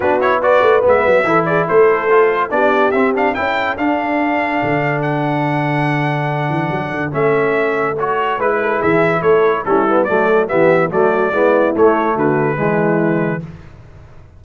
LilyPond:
<<
  \new Staff \with { instrumentName = "trumpet" } { \time 4/4 \tempo 4 = 143 b'8 cis''8 d''4 e''4. d''8 | c''2 d''4 e''8 f''8 | g''4 f''2. | fis''1~ |
fis''4 e''2 cis''4 | b'4 e''4 cis''4 a'4 | d''4 e''4 d''2 | cis''4 b'2. | }
  \new Staff \with { instrumentName = "horn" } { \time 4/4 fis'4 b'2 a'8 gis'8 | a'2 g'2 | a'1~ | a'1~ |
a'1 | b'8 a'8 gis'4 a'4 e'4 | a'4 g'4 fis'4 e'4~ | e'4 fis'4 e'2 | }
  \new Staff \with { instrumentName = "trombone" } { \time 4/4 d'8 e'8 fis'4 b4 e'4~ | e'4 f'4 d'4 c'8 d'8 | e'4 d'2.~ | d'1~ |
d'4 cis'2 fis'4 | e'2. cis'8 b8 | a4 b4 a4 b4 | a2 gis2 | }
  \new Staff \with { instrumentName = "tuba" } { \time 4/4 b4. a8 gis8 fis8 e4 | a2 b4 c'4 | cis'4 d'2 d4~ | d2.~ d8 e8 |
fis8 d8 a2. | gis4 e4 a4 g4 | fis4 e4 fis4 gis4 | a4 d4 e2 | }
>>